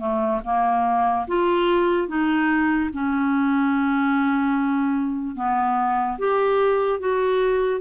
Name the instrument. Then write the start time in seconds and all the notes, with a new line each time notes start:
clarinet
0.00 A3
0.45 A#3
1.28 F4
2.08 D#4
2.94 C#4
5.36 B3
6.19 G4
7.00 F#4